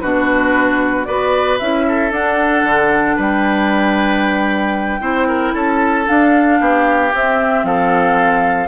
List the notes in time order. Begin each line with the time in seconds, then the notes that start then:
0.00 B2 D4 F#4 B4
1.05 B3 F#4 B4 D5
1.59 C#4 E4 E5
1.88 A4
2.11 D4 F#5
2.63 D3
3.16 G3 B4 G5
5.00 C4 E4 C5
5.28 A#4
5.53 C#4 A4 A5
6.05 D4 F5
6.60 B3 G4
7.13 C4 E5
7.63 F3 A4 F5